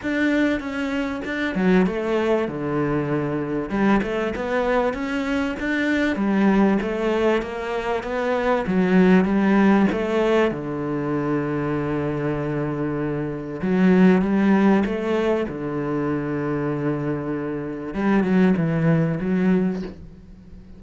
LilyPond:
\new Staff \with { instrumentName = "cello" } { \time 4/4 \tempo 4 = 97 d'4 cis'4 d'8 fis8 a4 | d2 g8 a8 b4 | cis'4 d'4 g4 a4 | ais4 b4 fis4 g4 |
a4 d2.~ | d2 fis4 g4 | a4 d2.~ | d4 g8 fis8 e4 fis4 | }